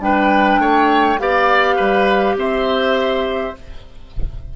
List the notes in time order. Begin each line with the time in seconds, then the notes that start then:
0.00 G3 D4 B4 G5
0.59 A3 C#5
1.19 B3 G4 D5 F5
1.76 G3 B4
2.36 C4 C5 E5